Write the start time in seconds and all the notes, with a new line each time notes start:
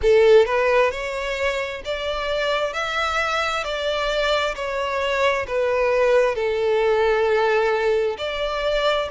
0.02 A4
0.45 B4
0.91 C#5
1.84 D5
2.73 E5
3.64 D5
4.55 C#5
5.47 B4
6.35 A4
8.18 D5